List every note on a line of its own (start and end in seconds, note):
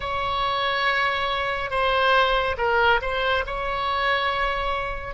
0.00 1.70 C#5
1.70 2.56 C5
2.57 3.00 A#4
3.01 3.44 C5
3.46 5.14 C#5